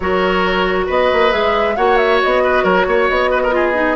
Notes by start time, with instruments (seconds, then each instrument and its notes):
0.00 bassoon F#3, clarinet F#4, oboe A#4, flute C#5
0.86 bassoon B3, oboe B4, flute D#5
1.12 bassoon A#3
1.30 bassoon G#3, clarinet G#4, flute E5
1.76 bassoon A#3, clarinet F#4, oboe C#5, flute F#5
1.97 flute E5
2.22 bassoon B3, flute D#5
2.43 oboe B4
2.63 bassoon F#3, oboe A#4, flute C#5
2.87 bassoon A#3, oboe C#5
3.08 bassoon B3, flute D#5
3.30 oboe B4
3.43 oboe A#4
3.50 clarinet F4, oboe G#4
3.73 clarinet D#4